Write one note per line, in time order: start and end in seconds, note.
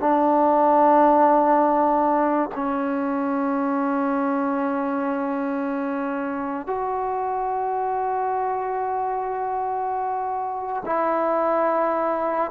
0.00 2.50 D4
2.55 6.67 C#4
6.67 10.83 F#4
10.86 12.52 E4